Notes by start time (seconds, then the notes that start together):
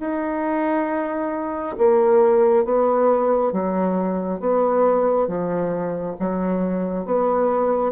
0.00 D#4
1.78 A#3
2.64 B3
3.52 F#3
4.40 B3
5.27 F3
6.20 F#3
7.05 B3